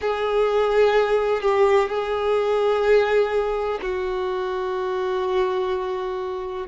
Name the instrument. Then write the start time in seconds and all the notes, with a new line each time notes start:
violin
0.01 G#4
1.41 G4
1.89 G#4
3.81 F#4